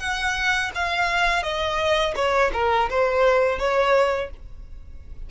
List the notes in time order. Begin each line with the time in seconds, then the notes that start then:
0.00 F#5
0.75 F5
1.43 D#5
2.16 C#5
2.54 A#4
2.90 C5
3.59 C#5